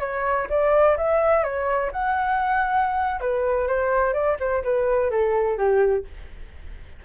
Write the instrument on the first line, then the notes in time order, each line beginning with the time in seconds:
flute
0.00 C#5
0.50 D5
0.97 E5
1.44 C#5
1.92 F#5
3.20 B4
3.68 C5
4.13 D5
4.40 C5
4.64 B4
5.10 A4
5.58 G4